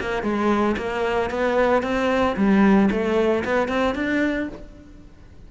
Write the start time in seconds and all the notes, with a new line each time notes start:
0.00 A#3
0.22 G#3
0.77 A#3
1.30 B3
1.82 C4
2.36 G3
2.91 A3
3.44 B3
3.68 C4
3.95 D4